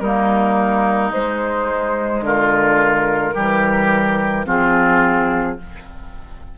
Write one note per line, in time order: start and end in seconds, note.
0.00 1.11 G3
0.00 1.10 A#3
0.00 2.24 D#4
0.00 1.11 A#4
1.10 3.33 G#3
1.10 2.20 G#3
1.10 2.24 C5
2.20 3.31 D3
2.20 3.34 F4
2.20 4.47 A#4
3.34 4.46 E3
3.34 4.45 G3
3.34 4.46 G4
4.46 5.57 F3
4.46 5.57 C4
4.46 5.58 F4
4.46 5.58 G#4